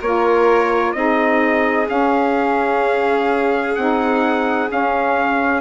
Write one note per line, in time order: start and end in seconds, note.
0.00 0.94 A#3
0.00 0.95 F4
0.00 0.94 A#4
0.00 0.93 C#5
0.93 1.88 C4
0.93 1.86 D#4
0.93 5.61 G#4
0.93 1.87 D#5
1.86 3.74 C#4
1.86 3.77 C#4
1.86 3.76 F5
3.76 4.71 C4
3.76 4.68 D#4
3.76 4.69 F#5
4.68 5.61 C#4
4.68 5.61 F5